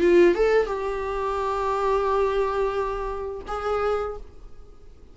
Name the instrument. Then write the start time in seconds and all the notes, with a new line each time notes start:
viola
0.00 F4
0.34 A4
0.66 G4
3.48 G#4